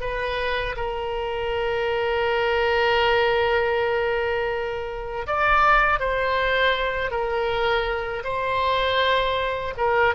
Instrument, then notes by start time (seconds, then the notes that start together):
oboe
0.00 B4
0.76 A#4
5.26 D5
5.99 C5
7.10 A#4
8.24 C5
9.77 A#4